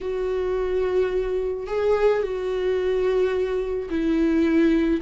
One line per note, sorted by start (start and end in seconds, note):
0.01 1.67 F#4
1.67 2.22 G#4
2.22 3.89 F#4
3.89 5.01 E4